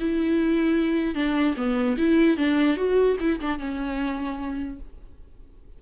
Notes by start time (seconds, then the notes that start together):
0.00 E4
1.15 D4
1.57 B3
1.98 E4
2.37 D4
2.77 F#4
3.20 E4
3.41 D4
3.59 C#4